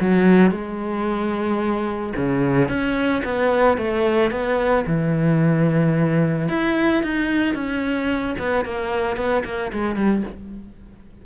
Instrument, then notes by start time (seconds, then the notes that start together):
cello
0.00 F#3
0.51 G#3
2.16 C#3
2.68 C#4
3.24 B3
3.77 A3
4.31 B3
4.87 E3
6.49 E4
7.03 D#4
7.55 C#4
8.39 B3
8.65 A#3
9.16 B3
9.45 A#3
9.72 G#3
9.96 G3